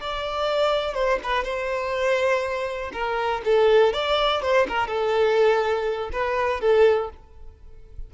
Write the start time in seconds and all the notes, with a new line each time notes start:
0.00 D5
0.94 C5
1.23 B4
1.44 C5
2.92 A#4
3.44 A4
3.93 D5
4.42 C5
4.68 A#4
4.87 A4
6.12 B4
6.60 A4